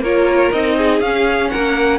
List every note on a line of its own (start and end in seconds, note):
0.00 0.49 A#3
0.00 0.53 F4
0.00 0.76 A#4
0.00 0.52 C#5
0.52 1.00 C4
0.52 1.02 D#4
0.52 1.01 D#5
0.77 1.51 G#4
1.00 1.49 C#4
1.00 1.99 C#4
1.00 1.50 F5
1.50 1.99 A#3
1.50 1.99 A#4
1.50 1.99 F#5